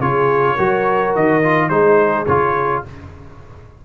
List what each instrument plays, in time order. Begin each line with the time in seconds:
0.00 tuba C#3, trombone F4, horn G#4, trumpet C#5
0.55 tuba F#3, trombone F#4, horn A#4
1.16 tuba D#3, trumpet D#5
1.44 trombone F4
1.69 tuba G#3, trombone D#4, horn G#4, trumpet C5
2.27 tuba C#3, trombone F4, trumpet C#5